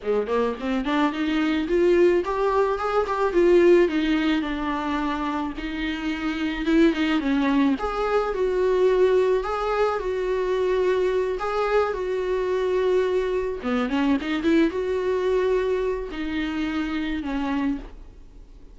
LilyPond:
\new Staff \with { instrumentName = "viola" } { \time 4/4 \tempo 4 = 108 gis8 ais8 c'8 d'8 dis'4 f'4 | g'4 gis'8 g'8 f'4 dis'4 | d'2 dis'2 | e'8 dis'8 cis'4 gis'4 fis'4~ |
fis'4 gis'4 fis'2~ | fis'8 gis'4 fis'2~ fis'8~ | fis'8 b8 cis'8 dis'8 e'8 fis'4.~ | fis'4 dis'2 cis'4 | }